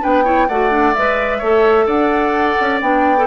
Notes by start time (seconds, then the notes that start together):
0.00 B3 D4 B4 G5
0.24 E4 C#5
0.48 A3 F#4 D5 F#5
0.70 D4
0.93 G#3 B4 E5
1.38 A3 A4 C#5
1.86 D4 D5 F#5
2.60 C#4
2.81 B3 D4 G5
3.17 A4